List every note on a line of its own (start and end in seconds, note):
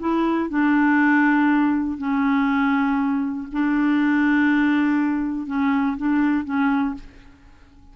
0.00 0.49 E4
0.49 1.98 D4
1.98 3.48 C#4
3.52 5.47 D4
5.47 5.97 C#4
5.97 6.45 D4
6.45 6.95 C#4